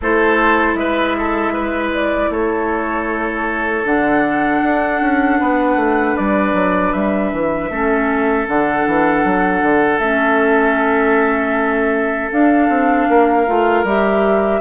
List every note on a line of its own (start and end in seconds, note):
0.01 0.74 A3
0.01 3.84 E4
0.01 0.78 A4
0.01 0.75 C5
0.74 2.28 G#3
0.74 1.17 B4
0.74 1.90 E5
1.17 1.53 A4
1.53 2.30 B4
1.93 2.32 D5
2.29 3.83 A3
2.29 5.39 A4
2.29 3.86 C#5
3.84 4.61 D3
3.84 7.69 D4
3.84 6.16 F#5
4.62 5.01 D4
5.01 5.39 C#4
5.39 5.75 B3
5.39 7.70 B4
5.75 6.14 A3
6.16 6.53 G3
6.16 6.92 D5
6.53 6.92 F#3
6.92 7.32 G3
6.92 8.46 E5
7.32 7.70 E3
7.70 8.47 A3
7.70 8.47 C#4
7.70 13.08 A4
8.47 8.86 D3
8.47 10.01 D4
8.47 9.99 F#5
8.87 9.24 E3
9.24 9.62 F#3
9.62 9.99 D3
9.99 12.30 A3
9.99 12.32 C#4
9.99 12.29 E5
12.31 12.68 D4
12.31 13.47 D4
12.31 13.86 F5
12.68 13.07 C4
13.08 13.47 A#3
13.08 14.60 A#4
13.47 13.83 A3
13.47 13.85 F4
13.83 14.60 G3
13.83 14.60 G4
13.83 14.60 E5